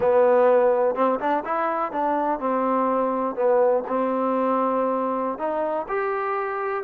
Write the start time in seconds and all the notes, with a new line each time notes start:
0.00 B3
0.95 C4
1.19 D4
1.44 E4
1.92 D4
2.39 C4
3.35 B3
3.87 C4
5.38 D#4
5.88 G4